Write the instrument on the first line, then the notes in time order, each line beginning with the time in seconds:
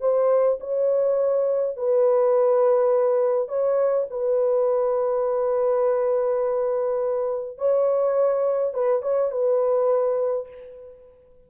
horn
0.00 C5
0.60 C#5
1.76 B4
3.48 C#5
4.10 B4
7.58 C#5
8.73 B4
9.02 C#5
9.31 B4